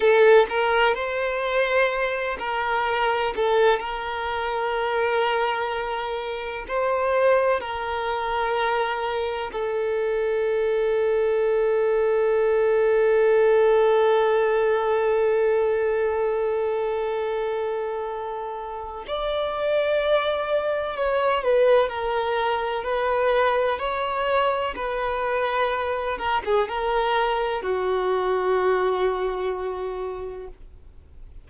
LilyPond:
\new Staff \with { instrumentName = "violin" } { \time 4/4 \tempo 4 = 63 a'8 ais'8 c''4. ais'4 a'8 | ais'2. c''4 | ais'2 a'2~ | a'1~ |
a'1 | d''2 cis''8 b'8 ais'4 | b'4 cis''4 b'4. ais'16 gis'16 | ais'4 fis'2. | }